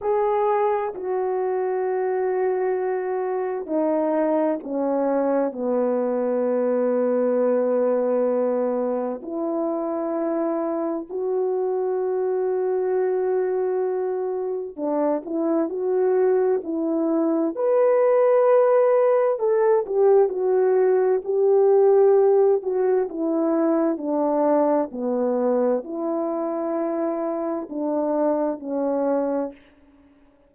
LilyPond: \new Staff \with { instrumentName = "horn" } { \time 4/4 \tempo 4 = 65 gis'4 fis'2. | dis'4 cis'4 b2~ | b2 e'2 | fis'1 |
d'8 e'8 fis'4 e'4 b'4~ | b'4 a'8 g'8 fis'4 g'4~ | g'8 fis'8 e'4 d'4 b4 | e'2 d'4 cis'4 | }